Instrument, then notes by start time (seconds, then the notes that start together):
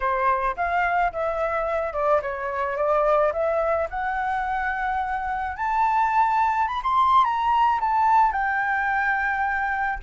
flute
0.00 C5
0.56 F5
1.12 E5
1.93 D5
2.21 C#5
2.76 D5
3.32 E5
3.90 F#5
5.56 A5
6.67 B5
6.83 C6
7.24 A#5
7.80 A5
8.32 G5